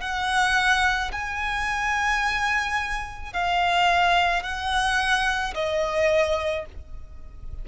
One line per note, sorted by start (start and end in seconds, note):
0.00 1.11 F#5
1.12 3.33 G#5
3.33 4.42 F5
4.42 5.54 F#5
5.54 6.65 D#5